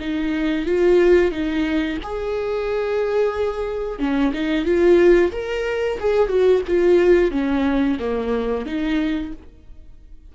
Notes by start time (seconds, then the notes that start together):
0.00 D#4
0.66 F4
1.31 D#4
2.03 G#4
3.99 C#4
4.33 D#4
4.65 F4
5.32 A#4
5.99 G#4
6.28 F#4
6.67 F4
7.31 C#4
7.99 A#3
8.66 D#4